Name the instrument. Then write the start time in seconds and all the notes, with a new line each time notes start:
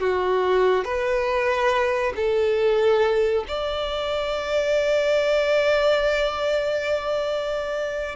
violin
0.00 F#4
0.85 B4
2.16 A4
3.48 D5